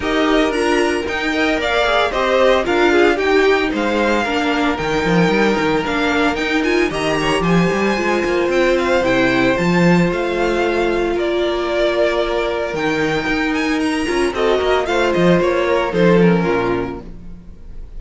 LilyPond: <<
  \new Staff \with { instrumentName = "violin" } { \time 4/4 \tempo 4 = 113 dis''4 ais''4 g''4 f''4 | dis''4 f''4 g''4 f''4~ | f''4 g''2 f''4 | g''8 gis''8 ais''4 gis''2 |
g''8 f''8 g''4 a''4 f''4~ | f''4 d''2. | g''4. gis''8 ais''4 dis''4 | f''8 dis''8 cis''4 c''8 ais'4. | }
  \new Staff \with { instrumentName = "violin" } { \time 4/4 ais'2~ ais'8 dis''8 d''4 | c''4 ais'8 gis'8 g'4 c''4 | ais'1~ | ais'4 dis''8 cis''8 c''2~ |
c''1~ | c''4 ais'2.~ | ais'2. a'8 ais'8 | c''4. ais'8 a'4 f'4 | }
  \new Staff \with { instrumentName = "viola" } { \time 4/4 g'4 f'4 dis'8 ais'4 gis'8 | g'4 f'4 dis'2 | d'4 dis'2 d'4 | dis'8 f'8 g'2 f'4~ |
f'4 e'4 f'2~ | f'1 | dis'2~ dis'8 f'8 fis'4 | f'2 dis'8 cis'4. | }
  \new Staff \with { instrumentName = "cello" } { \time 4/4 dis'4 d'4 dis'4 ais4 | c'4 d'4 dis'4 gis4 | ais4 dis8 f8 g8 dis8 ais4 | dis'4 dis4 f8 g8 gis8 ais8 |
c'4 c4 f4 a4~ | a4 ais2. | dis4 dis'4. cis'8 c'8 ais8 | a8 f8 ais4 f4 ais,4 | }
>>